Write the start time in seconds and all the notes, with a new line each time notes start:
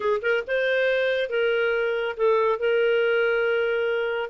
0.00 G#4
0.22 A#4
0.47 C5
1.29 A#4
2.16 A4
2.59 A#4